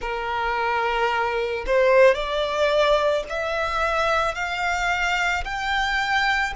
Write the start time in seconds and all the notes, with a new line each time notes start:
0.01 A#4
1.66 C5
2.14 D5
3.29 E5
4.34 F5
5.44 G5